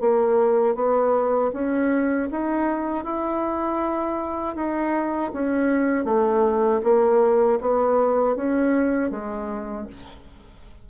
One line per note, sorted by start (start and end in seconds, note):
0.00 0.75 A#3
0.75 1.51 B3
1.53 2.29 C#4
2.30 3.04 D#4
3.04 4.55 E4
4.55 5.31 D#4
5.32 6.04 C#4
6.04 6.80 A3
6.83 7.59 A#3
7.60 8.35 B3
8.35 9.10 C#4
9.10 9.86 G#3